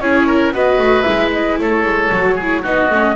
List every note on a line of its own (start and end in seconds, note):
0.00 0.52 C#4
0.00 0.54 E4
0.00 0.27 G#4
0.00 0.53 C#5
0.27 0.53 A#4
0.52 0.78 B3
0.52 1.05 F#4
0.52 1.59 B4
0.52 1.03 D#5
0.78 1.04 A3
1.03 1.59 G#3
1.03 2.11 E4
1.03 1.29 E5
1.32 1.59 D#5
1.59 1.84 A3
1.59 2.36 A4
1.59 2.65 C#5
1.84 2.11 G#3
2.12 2.65 F#3
2.12 2.38 F#4
2.36 2.62 G#4
2.42 2.64 E4
2.62 2.90 B3
2.62 2.90 D#4
2.62 3.15 F#4
2.62 3.16 D#5
2.90 3.16 A3
2.90 3.16 C#4